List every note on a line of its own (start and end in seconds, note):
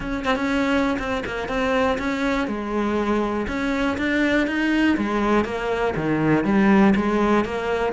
0.00 0.24 C#4
0.24 0.35 C4
0.35 0.97 C#4
0.98 1.23 C4
1.26 1.48 A#3
1.48 1.97 C4
1.98 2.47 C#4
2.47 3.46 G#3
3.47 3.97 C#4
3.97 4.47 D4
4.47 4.96 D#4
4.97 5.44 G#3
5.44 5.94 A#3
5.95 6.44 D#3
6.44 6.94 G3
6.95 7.44 G#3
7.44 7.92 A#3